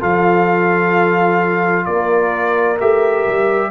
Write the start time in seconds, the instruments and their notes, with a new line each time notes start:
0.00 tuba F3, trombone F4, horn A4, trumpet F5
1.85 tuba A#3, horn A#4, trumpet D5
2.80 tuba A3, trombone G4, trumpet E5
3.27 tuba G3